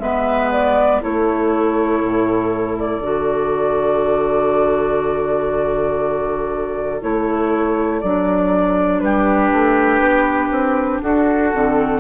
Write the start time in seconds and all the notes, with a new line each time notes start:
0.00 G#3 B3 B4 E5
0.52 D5
1.01 A3 E4 A4 C#5
2.03 A2
2.79 D5
3.00 D3 F#4
7.02 A3 E4 C#5
8.01 F#3 D4 D5
9.00 G3 G4 B4
9.52 A3
10.00 B3
10.51 C4
11.02 D4 F#4 A4
11.54 D3 C4